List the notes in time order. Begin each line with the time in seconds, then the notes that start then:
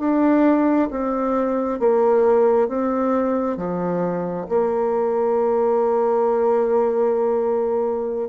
0.00 D4
0.91 C4
1.80 A#3
2.69 C4
3.58 F3
4.49 A#3